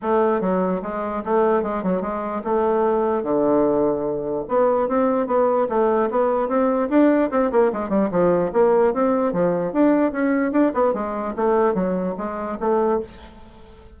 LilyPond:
\new Staff \with { instrumentName = "bassoon" } { \time 4/4 \tempo 4 = 148 a4 fis4 gis4 a4 | gis8 fis8 gis4 a2 | d2. b4 | c'4 b4 a4 b4 |
c'4 d'4 c'8 ais8 gis8 g8 | f4 ais4 c'4 f4 | d'4 cis'4 d'8 b8 gis4 | a4 fis4 gis4 a4 | }